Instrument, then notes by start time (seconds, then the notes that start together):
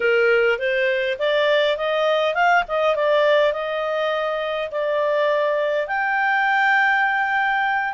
clarinet
0.00 A#4
0.59 C5
1.18 D5
1.77 D#5
2.34 F5
2.68 D#5
2.95 D5
3.52 D#5
4.71 D5
5.87 G5